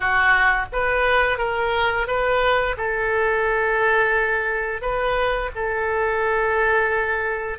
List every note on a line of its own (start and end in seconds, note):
0.00 0.66 F#4
0.72 1.38 B4
1.38 2.07 A#4
2.07 2.76 B4
2.77 4.81 A4
4.81 5.50 B4
5.55 7.58 A4